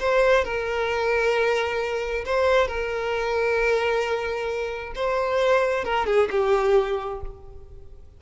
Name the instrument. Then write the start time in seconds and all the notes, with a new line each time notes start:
violin
0.00 C5
0.45 A#4
2.25 C5
2.68 A#4
4.95 C5
5.85 A#4
6.06 G#4
6.31 G4